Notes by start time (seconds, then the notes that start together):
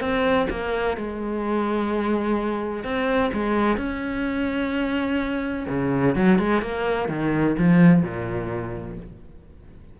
0.00 C4
0.50 A#3
0.97 G#3
2.84 C4
3.33 G#3
3.77 C#4
5.68 C#3
6.15 F#3
6.38 G#3
6.62 A#3
7.08 D#3
7.58 F3
8.03 A#2